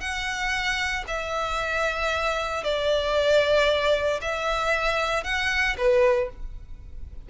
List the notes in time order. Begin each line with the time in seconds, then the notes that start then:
0.00 F#5
1.07 E5
2.63 D5
4.21 E5
5.24 F#5
5.77 B4